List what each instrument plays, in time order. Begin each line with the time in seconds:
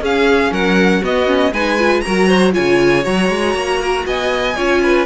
0.00 cello C#4, viola C#4, violin G#4 F5
0.51 cello F#3, violin A#4 F#5
1.01 viola B3, cello B3, violin F#4 D#5
1.26 viola C#4
1.52 cello G#3, viola D#4, violin B4 G#5
1.78 viola F4
2.01 cello F#3, viola F#4, violin A#4 A#5
2.28 violin C5
2.52 cello C#3, viola F4, violin C#5 G#5
3.02 cello F#3, viola F#4, violin A#5
3.29 cello G#3
3.54 cello A#3
3.80 violin A#4
4.06 cello B3, violin D#5 G#5
4.56 cello C#4, viola F4, violin C#5
4.83 violin B4